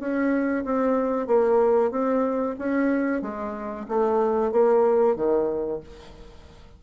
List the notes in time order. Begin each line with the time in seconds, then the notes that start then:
0.00 C#4
0.65 C4
1.28 A#3
1.91 C4
2.59 C#4
3.22 G#3
3.89 A3
4.52 A#3
5.16 D#3